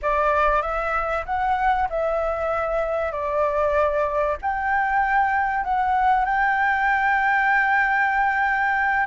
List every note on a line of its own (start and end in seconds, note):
0.01 0.62 D5
0.62 1.24 E5
1.25 1.88 F#5
1.89 3.11 E5
3.11 4.36 D5
4.41 5.64 G5
5.64 6.25 F#5
6.25 9.06 G5